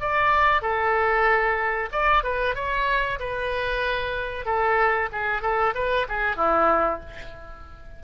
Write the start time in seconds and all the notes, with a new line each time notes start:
0.00 D5
0.61 A4
1.91 D5
2.23 B4
2.55 C#5
3.19 B4
4.45 A4
5.12 G#4
5.41 A4
5.74 B4
6.08 G#4
6.36 E4